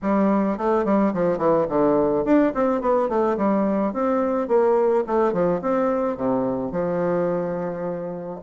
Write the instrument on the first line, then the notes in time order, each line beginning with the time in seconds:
bassoon
0.02 G3
0.57 A3
0.85 G3
1.13 F3
1.38 E3
1.68 D3
2.24 D4
2.54 C4
2.81 B3
3.08 A3
3.37 G3
3.93 C4
4.48 A#3
5.06 A3
5.32 F3
5.61 C4
6.16 C3
6.71 F3